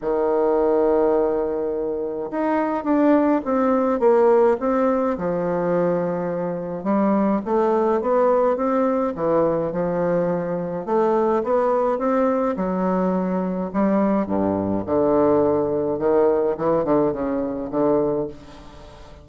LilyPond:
\new Staff \with { instrumentName = "bassoon" } { \time 4/4 \tempo 4 = 105 dis1 | dis'4 d'4 c'4 ais4 | c'4 f2. | g4 a4 b4 c'4 |
e4 f2 a4 | b4 c'4 fis2 | g4 g,4 d2 | dis4 e8 d8 cis4 d4 | }